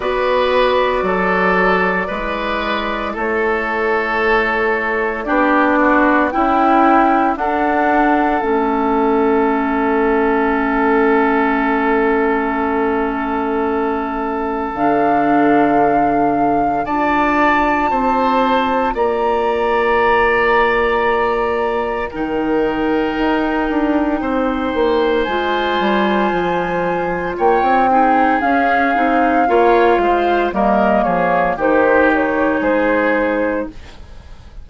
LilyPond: <<
  \new Staff \with { instrumentName = "flute" } { \time 4/4 \tempo 4 = 57 d''2. cis''4~ | cis''4 d''4 g''4 fis''4 | e''1~ | e''2 f''2 |
a''2 ais''2~ | ais''4 g''2. | gis''2 g''4 f''4~ | f''4 dis''8 cis''8 c''8 cis''8 c''4 | }
  \new Staff \with { instrumentName = "oboe" } { \time 4/4 b'4 a'4 b'4 a'4~ | a'4 g'8 fis'8 e'4 a'4~ | a'1~ | a'1 |
d''4 c''4 d''2~ | d''4 ais'2 c''4~ | c''2 cis''8 gis'4. | cis''8 c''8 ais'8 gis'8 g'4 gis'4 | }
  \new Staff \with { instrumentName = "clarinet" } { \time 4/4 fis'2 e'2~ | e'4 d'4 e'4 d'4 | cis'1~ | cis'2 d'2 |
f'1~ | f'4 dis'2. | f'2~ f'8 dis'8 cis'8 dis'8 | f'4 ais4 dis'2 | }
  \new Staff \with { instrumentName = "bassoon" } { \time 4/4 b4 fis4 gis4 a4~ | a4 b4 cis'4 d'4 | a1~ | a2 d2 |
d'4 c'4 ais2~ | ais4 dis4 dis'8 d'8 c'8 ais8 | gis8 g8 f4 ais16 c'8. cis'8 c'8 | ais8 gis8 g8 f8 dis4 gis4 | }
>>